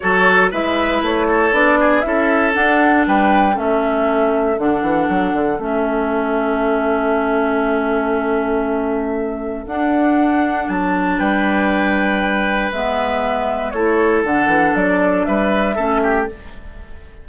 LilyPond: <<
  \new Staff \with { instrumentName = "flute" } { \time 4/4 \tempo 4 = 118 cis''4 e''4 cis''4 d''4 | e''4 fis''4 g''4 e''4~ | e''4 fis''2 e''4~ | e''1~ |
e''2. fis''4~ | fis''4 a''4 g''2~ | g''4 e''2 cis''4 | fis''4 d''4 e''2 | }
  \new Staff \with { instrumentName = "oboe" } { \time 4/4 a'4 b'4. a'4 gis'8 | a'2 b'4 a'4~ | a'1~ | a'1~ |
a'1~ | a'2 b'2~ | b'2. a'4~ | a'2 b'4 a'8 g'8 | }
  \new Staff \with { instrumentName = "clarinet" } { \time 4/4 fis'4 e'2 d'4 | e'4 d'2 cis'4~ | cis'4 d'2 cis'4~ | cis'1~ |
cis'2. d'4~ | d'1~ | d'4 b2 e'4 | d'2. cis'4 | }
  \new Staff \with { instrumentName = "bassoon" } { \time 4/4 fis4 gis4 a4 b4 | cis'4 d'4 g4 a4~ | a4 d8 e8 fis8 d8 a4~ | a1~ |
a2. d'4~ | d'4 fis4 g2~ | g4 gis2 a4 | d8 e8 fis4 g4 a4 | }
>>